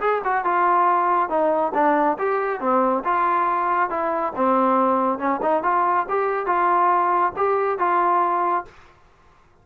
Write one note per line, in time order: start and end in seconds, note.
0.00 0.22 G#4
0.24 0.44 F#4
0.44 1.29 F4
1.29 1.72 D#4
1.74 2.17 D4
2.18 2.60 G4
2.60 3.03 C4
3.04 3.89 F4
3.89 4.33 E4
4.35 5.18 C4
5.18 5.40 C#4
5.42 5.63 D#4
5.63 6.06 F4
6.08 6.46 G4
6.46 7.32 F4
7.36 7.78 G4
7.78 8.64 F4